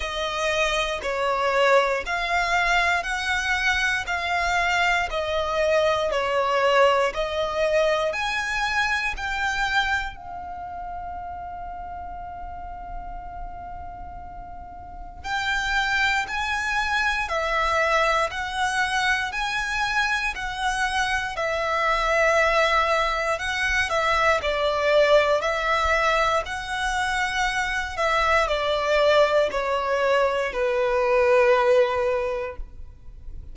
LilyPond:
\new Staff \with { instrumentName = "violin" } { \time 4/4 \tempo 4 = 59 dis''4 cis''4 f''4 fis''4 | f''4 dis''4 cis''4 dis''4 | gis''4 g''4 f''2~ | f''2. g''4 |
gis''4 e''4 fis''4 gis''4 | fis''4 e''2 fis''8 e''8 | d''4 e''4 fis''4. e''8 | d''4 cis''4 b'2 | }